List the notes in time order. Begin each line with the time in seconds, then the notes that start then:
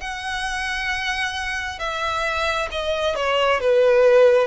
0.00 F#5
1.79 E5
2.72 D#5
3.15 C#5
3.60 B4